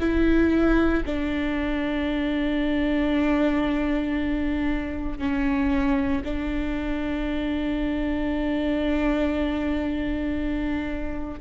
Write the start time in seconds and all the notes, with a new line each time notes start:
0.00 E4
1.06 D4
5.19 C#4
6.24 D4